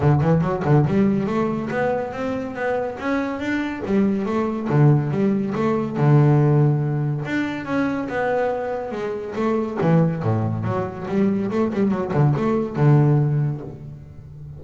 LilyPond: \new Staff \with { instrumentName = "double bass" } { \time 4/4 \tempo 4 = 141 d8 e8 fis8 d8 g4 a4 | b4 c'4 b4 cis'4 | d'4 g4 a4 d4 | g4 a4 d2~ |
d4 d'4 cis'4 b4~ | b4 gis4 a4 e4 | a,4 fis4 g4 a8 g8 | fis8 d8 a4 d2 | }